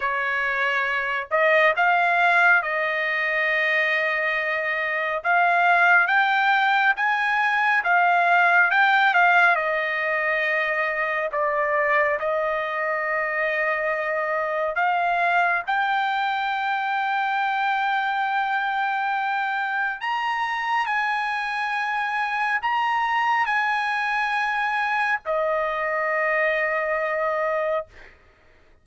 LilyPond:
\new Staff \with { instrumentName = "trumpet" } { \time 4/4 \tempo 4 = 69 cis''4. dis''8 f''4 dis''4~ | dis''2 f''4 g''4 | gis''4 f''4 g''8 f''8 dis''4~ | dis''4 d''4 dis''2~ |
dis''4 f''4 g''2~ | g''2. ais''4 | gis''2 ais''4 gis''4~ | gis''4 dis''2. | }